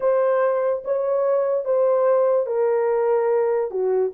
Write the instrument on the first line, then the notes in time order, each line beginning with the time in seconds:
horn
0.00 C5
0.84 C#5
1.64 C5
2.46 A#4
3.70 F#4